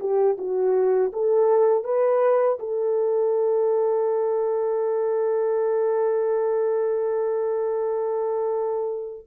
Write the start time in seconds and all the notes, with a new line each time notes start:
0.00 G4
0.38 F#4
1.13 A4
1.84 B4
2.59 A4